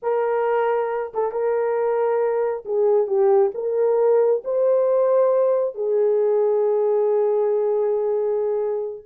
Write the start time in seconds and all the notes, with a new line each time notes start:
0.02 A#4
1.14 A4
1.31 A#4
2.65 G#4
3.07 G4
3.54 A#4
4.44 C5
5.74 G#4